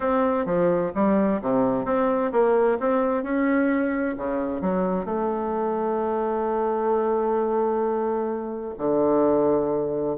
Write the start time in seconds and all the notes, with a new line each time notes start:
0.00 C4
0.45 F3
0.94 G3
1.41 C3
1.85 C4
2.32 A#3
2.79 C4
3.23 C#4
4.17 C#3
4.61 F#3
5.05 A3
8.78 D3